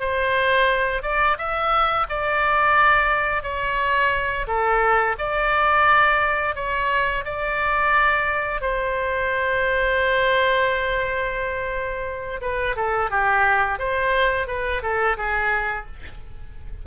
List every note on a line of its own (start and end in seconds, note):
0.00 1.03 C5
1.03 1.37 D5
1.38 2.07 E5
2.09 3.43 D5
3.43 4.46 C#5
4.47 5.16 A4
5.18 6.55 D5
6.55 7.24 C#5
7.25 8.61 D5
8.61 12.40 C5
12.41 12.76 B4
12.76 13.10 A4
13.10 13.79 G4
13.79 14.47 C5
14.47 14.82 B4
14.82 15.17 A4
15.17 15.86 G#4